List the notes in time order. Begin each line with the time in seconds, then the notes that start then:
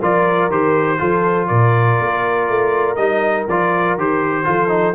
0.00 F3 F4 A#4 D5
0.50 D#3 G4 C5
0.99 F3 F4 A4
1.48 A#2 A#4 D5
2.00 A#3
2.49 A3
2.96 G3 D#4 D#5
3.48 F3 F4 D5
3.98 D#3 G4 C5
4.45 F3 F4 A4
4.69 D#4